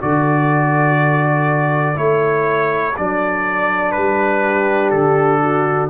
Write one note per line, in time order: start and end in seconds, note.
0.00 1.97 D3
0.00 1.95 F#4
0.00 4.42 A4
0.00 1.98 D5
1.95 2.95 A3
1.95 2.93 E4
1.95 2.96 C#5
2.97 3.96 F#3
2.97 5.90 D4
2.97 3.91 D5
3.91 4.91 G3
3.91 4.90 B4
4.42 5.41 G4
4.90 5.90 D3
4.90 5.89 A4
5.42 5.90 F#4